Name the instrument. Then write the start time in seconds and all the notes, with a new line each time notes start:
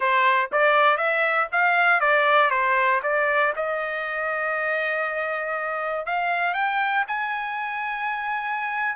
trumpet
0.00 C5
0.52 D5
0.97 E5
1.51 F5
2.00 D5
2.50 C5
3.02 D5
3.55 D#5
6.05 F5
6.54 G5
7.07 G#5